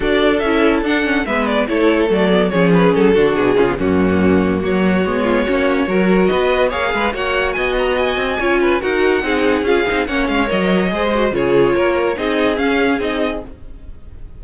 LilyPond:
<<
  \new Staff \with { instrumentName = "violin" } { \time 4/4 \tempo 4 = 143 d''4 e''4 fis''4 e''8 d''8 | cis''4 d''4 cis''8 b'8 a'4 | gis'4 fis'2 cis''4~ | cis''2. dis''4 |
f''4 fis''4 gis''8 ais''8 gis''4~ | gis''4 fis''2 f''4 | fis''8 f''8 dis''2 cis''4~ | cis''4 dis''4 f''4 dis''4 | }
  \new Staff \with { instrumentName = "violin" } { \time 4/4 a'2. b'4 | a'2 gis'4. fis'8~ | fis'8 f'8 cis'2 fis'4~ | fis'8 f'8 fis'4 ais'4 b'4 |
cis''8 b'8 cis''4 dis''2 | cis''8 b'8 ais'4 gis'2 | cis''2 c''4 gis'4 | ais'4 gis'2. | }
  \new Staff \with { instrumentName = "viola" } { \time 4/4 fis'4 e'4 d'8 cis'8 b4 | e'4 a8 b8 cis'4. d'8~ | d'8 cis'16 b16 ais2. | b4 cis'4 fis'2 |
gis'4 fis'2. | f'4 fis'4 dis'4 f'8 dis'8 | cis'4 ais'4 gis'8 fis'8 f'4~ | f'4 dis'4 cis'4 dis'4 | }
  \new Staff \with { instrumentName = "cello" } { \time 4/4 d'4 cis'4 d'4 gis4 | a4 fis4 f4 fis8 d8 | b,8 cis8 fis,2 fis4 | gis4 ais4 fis4 b4 |
ais8 gis8 ais4 b4. c'8 | cis'4 dis'4 c'4 cis'8 c'8 | ais8 gis8 fis4 gis4 cis4 | ais4 c'4 cis'4 c'4 | }
>>